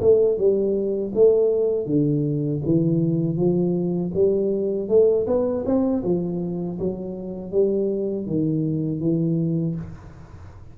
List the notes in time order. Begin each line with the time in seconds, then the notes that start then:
0.00 A3
0.37 G3
1.14 A3
1.86 D3
2.65 E3
3.36 F3
4.14 G3
4.88 A3
5.26 B3
5.66 C4
6.03 F3
6.79 F#3
7.51 G3
8.26 D#3
9.00 E3